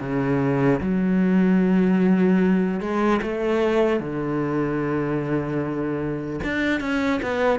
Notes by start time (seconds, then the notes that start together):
0.00 C#3
0.80 F#3
2.80 G#3
3.22 A3
4.00 D3
6.44 D4
6.80 C#4
7.22 B3